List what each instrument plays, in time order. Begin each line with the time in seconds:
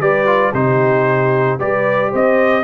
0.00 tuba G3, trombone G4, horn B4, trumpet D5
0.27 trombone F4
0.53 tuba C3, trombone D#4, horn G4, trumpet C5
1.59 tuba G3, trombone G4, horn B4, trumpet D5
2.10 tuba C4, horn C5, trumpet D#5